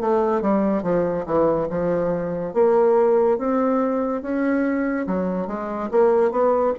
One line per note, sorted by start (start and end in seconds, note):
0.00 0.41 A3
0.41 0.83 G3
0.83 1.25 F3
1.26 1.68 E3
1.69 2.53 F3
2.53 3.38 A#3
3.38 4.22 C4
4.22 5.06 C#4
5.06 5.47 F#3
5.47 5.89 G#3
5.91 6.31 A#3
6.31 6.73 B3